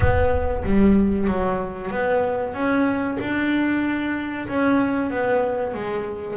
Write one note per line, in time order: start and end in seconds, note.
0.00 0.63 B3
0.64 1.27 G3
1.27 1.91 F#3
1.91 2.54 B3
2.54 3.17 C#4
3.20 4.47 D4
4.48 5.10 C#4
5.10 5.74 B3
5.74 6.36 G#3